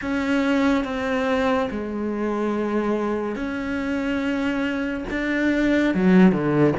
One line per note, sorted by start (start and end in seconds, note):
0.01 0.84 C#4
0.84 1.69 C4
1.71 3.35 G#3
3.35 5.04 C#4
5.10 5.94 D4
5.94 6.31 F#3
6.31 6.74 D3